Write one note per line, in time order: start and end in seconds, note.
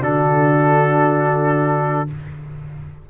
0.00 2.08 D3
0.00 2.07 D4
0.00 2.07 F#4
0.00 2.09 A4